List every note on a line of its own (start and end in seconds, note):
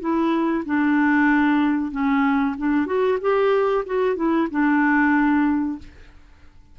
0.00 0.64 E4
0.65 1.91 D4
1.91 2.55 C#4
2.58 2.86 D4
2.86 3.18 F#4
3.21 3.85 G4
3.86 4.16 F#4
4.16 4.48 E4
4.51 5.79 D4